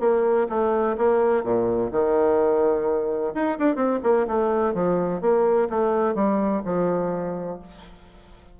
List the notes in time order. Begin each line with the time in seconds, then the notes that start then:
0.00 A#3
0.49 A3
0.97 A#3
1.43 A#2
1.92 D#3
3.34 D#4
3.58 D4
3.75 C4
4.03 A#3
4.27 A3
4.74 F3
5.21 A#3
5.70 A3
6.15 G3
6.64 F3